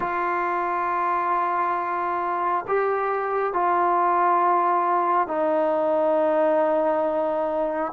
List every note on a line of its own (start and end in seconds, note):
0.00 2.65 F4
2.67 3.53 G4
3.53 5.27 F4
5.27 7.92 D#4